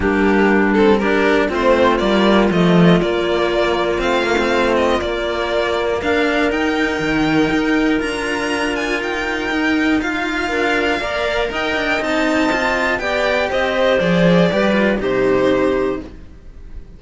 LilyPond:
<<
  \new Staff \with { instrumentName = "violin" } { \time 4/4 \tempo 4 = 120 g'4. a'8 ais'4 c''4 | d''4 dis''4 d''2 | f''4. dis''8 d''2 | f''4 g''2. |
ais''4. gis''8 g''2 | f''2. g''4 | a''2 g''4 dis''4 | d''2 c''2 | }
  \new Staff \with { instrumentName = "clarinet" } { \time 4/4 d'2 g'4 f'4~ | f'1~ | f'1 | ais'1~ |
ais'1 | f''4 ais'4 d''4 dis''4~ | dis''2 d''4 c''4~ | c''4 b'4 g'2 | }
  \new Staff \with { instrumentName = "cello" } { \time 4/4 ais4. c'8 d'4 c'4 | ais4 a4 ais2 | c'8 ais16 c'4~ c'16 ais2 | d'4 dis'2. |
f'2. dis'4 | f'2 ais'2 | dis'4 f'4 g'2 | gis'4 g'8 f'8 dis'2 | }
  \new Staff \with { instrumentName = "cello" } { \time 4/4 g2. a4 | g4 f4 ais2 | a2 ais2~ | ais4 dis'4 dis4 dis'4 |
d'2 dis'2~ | dis'4 d'4 ais4 dis'8 d'8 | c'2 b4 c'4 | f4 g4 c2 | }
>>